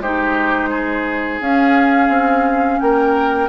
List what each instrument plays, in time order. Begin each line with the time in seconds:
0.00 bassoon G#3, clarinet D#4, oboe G4, flute C5
0.70 oboe G#4
1.41 bassoon C#4, clarinet C#4, flute F5
2.09 bassoon C4
2.80 bassoon A#3, oboe A#4, flute G5